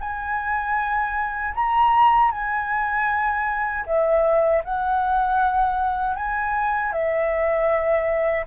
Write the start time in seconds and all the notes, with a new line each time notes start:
0.00 G#5
1.55 A#5
2.31 G#5
3.86 E5
4.64 F#5
6.15 G#5
6.92 E5